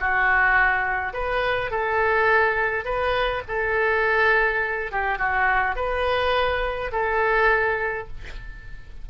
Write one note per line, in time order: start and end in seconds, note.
0.00 1.13 F#4
1.13 1.71 B4
1.71 2.85 A4
2.85 3.42 B4
3.48 4.91 A4
4.91 5.18 G4
5.18 5.76 F#4
5.76 6.91 B4
6.92 8.08 A4